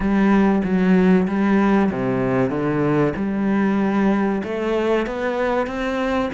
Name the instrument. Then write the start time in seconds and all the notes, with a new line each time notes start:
cello
0.00 G3
0.63 F#3
1.27 G3
1.91 C3
2.49 D3
3.16 G3
4.43 A3
5.06 B3
5.67 C4